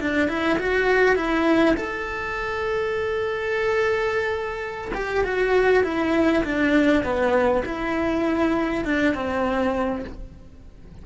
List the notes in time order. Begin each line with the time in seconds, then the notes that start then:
0.00 D4
0.28 E4
0.59 F#4
1.16 E4
1.76 A4
4.94 G4
5.24 F#4
5.84 E4
6.44 D4
7.04 B3
7.65 E4
8.85 D4
9.14 C4